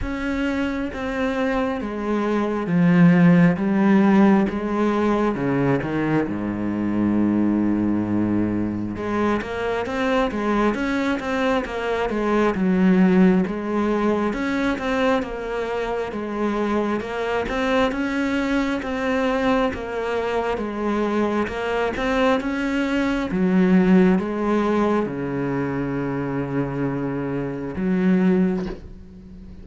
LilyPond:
\new Staff \with { instrumentName = "cello" } { \time 4/4 \tempo 4 = 67 cis'4 c'4 gis4 f4 | g4 gis4 cis8 dis8 gis,4~ | gis,2 gis8 ais8 c'8 gis8 | cis'8 c'8 ais8 gis8 fis4 gis4 |
cis'8 c'8 ais4 gis4 ais8 c'8 | cis'4 c'4 ais4 gis4 | ais8 c'8 cis'4 fis4 gis4 | cis2. fis4 | }